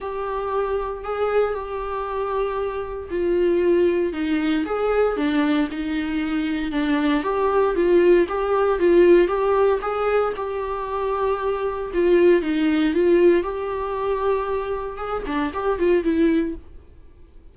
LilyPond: \new Staff \with { instrumentName = "viola" } { \time 4/4 \tempo 4 = 116 g'2 gis'4 g'4~ | g'2 f'2 | dis'4 gis'4 d'4 dis'4~ | dis'4 d'4 g'4 f'4 |
g'4 f'4 g'4 gis'4 | g'2. f'4 | dis'4 f'4 g'2~ | g'4 gis'8 d'8 g'8 f'8 e'4 | }